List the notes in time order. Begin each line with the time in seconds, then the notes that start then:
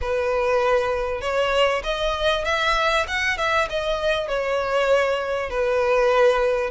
0.01 B4
1.21 C#5
1.83 D#5
2.44 E5
3.07 F#5
3.37 E5
3.69 D#5
4.28 C#5
5.49 B4